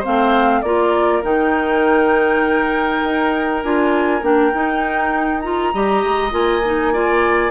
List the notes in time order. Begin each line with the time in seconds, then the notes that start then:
0.00 C4 C5 F5
0.07 A3
0.62 A#3 F4 A#4 D5
1.23 D#3 D#4 G5
3.04 D#4
3.64 D4 F4 G#5
4.22 A#3 D4 G5
4.54 D#4
5.41 F4 A#5
5.74 G3 G4 D#5
6.03 G#3
6.32 A#3 F4 G#5
6.66 D#4
6.94 F4 D5